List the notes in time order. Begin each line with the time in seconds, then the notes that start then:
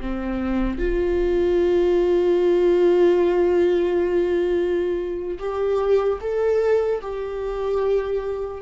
0.00 C4
0.78 F4
5.39 G4
6.20 A4
7.01 G4